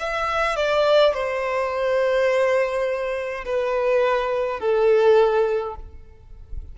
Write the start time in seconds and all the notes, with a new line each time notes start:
0.00 E5
0.57 D5
1.14 C5
3.45 B4
4.60 A4